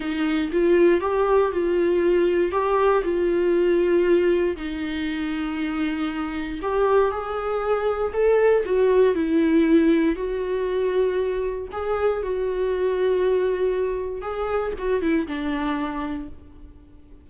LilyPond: \new Staff \with { instrumentName = "viola" } { \time 4/4 \tempo 4 = 118 dis'4 f'4 g'4 f'4~ | f'4 g'4 f'2~ | f'4 dis'2.~ | dis'4 g'4 gis'2 |
a'4 fis'4 e'2 | fis'2. gis'4 | fis'1 | gis'4 fis'8 e'8 d'2 | }